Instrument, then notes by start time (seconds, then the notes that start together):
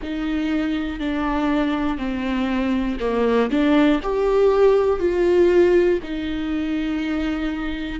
viola
0.02 D#4
1.00 D4
1.98 C4
3.00 A#3
3.50 D4
4.02 G4
5.00 F4
6.02 D#4